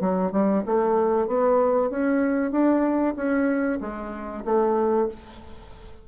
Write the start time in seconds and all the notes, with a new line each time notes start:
0.00 F#3
0.32 G3
0.66 A3
1.27 B3
1.90 C#4
2.51 D4
3.16 C#4
3.81 G#3
4.45 A3